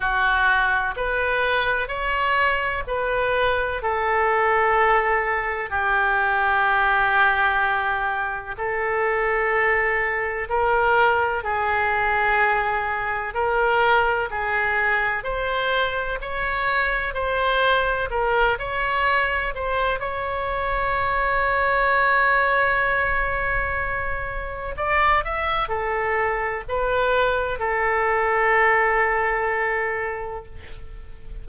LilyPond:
\new Staff \with { instrumentName = "oboe" } { \time 4/4 \tempo 4 = 63 fis'4 b'4 cis''4 b'4 | a'2 g'2~ | g'4 a'2 ais'4 | gis'2 ais'4 gis'4 |
c''4 cis''4 c''4 ais'8 cis''8~ | cis''8 c''8 cis''2.~ | cis''2 d''8 e''8 a'4 | b'4 a'2. | }